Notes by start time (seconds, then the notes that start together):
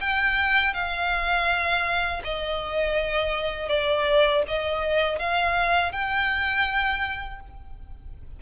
0.00 G5
0.73 F5
2.24 D#5
3.68 D5
4.47 D#5
5.19 F5
5.92 G5